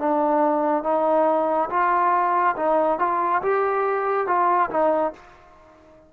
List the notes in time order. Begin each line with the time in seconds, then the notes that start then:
0.00 D4
0.84 D#4
1.70 F4
2.57 D#4
3.00 F4
3.42 G4
4.27 F4
4.71 D#4